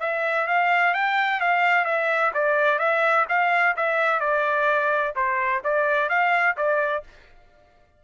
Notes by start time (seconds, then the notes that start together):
0.00 E5
0.47 F5
0.94 G5
1.40 F5
1.85 E5
2.34 D5
2.78 E5
3.29 F5
3.76 E5
4.20 D5
5.16 C5
5.64 D5
6.09 F5
6.57 D5